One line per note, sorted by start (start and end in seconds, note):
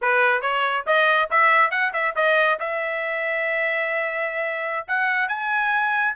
0.01 0.41 B4
0.41 0.84 C#5
0.86 1.29 D#5
1.30 1.71 E5
1.71 1.92 F#5
1.93 2.14 E5
2.15 2.58 D#5
2.59 4.86 E5
4.87 5.28 F#5
5.28 6.14 G#5